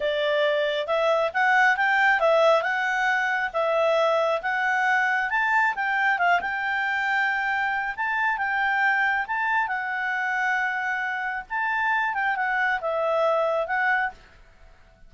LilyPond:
\new Staff \with { instrumentName = "clarinet" } { \time 4/4 \tempo 4 = 136 d''2 e''4 fis''4 | g''4 e''4 fis''2 | e''2 fis''2 | a''4 g''4 f''8 g''4.~ |
g''2 a''4 g''4~ | g''4 a''4 fis''2~ | fis''2 a''4. g''8 | fis''4 e''2 fis''4 | }